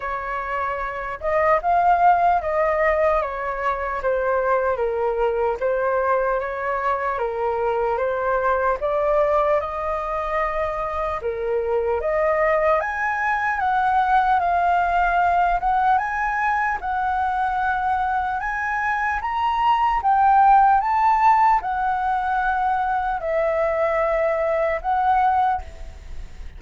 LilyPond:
\new Staff \with { instrumentName = "flute" } { \time 4/4 \tempo 4 = 75 cis''4. dis''8 f''4 dis''4 | cis''4 c''4 ais'4 c''4 | cis''4 ais'4 c''4 d''4 | dis''2 ais'4 dis''4 |
gis''4 fis''4 f''4. fis''8 | gis''4 fis''2 gis''4 | ais''4 g''4 a''4 fis''4~ | fis''4 e''2 fis''4 | }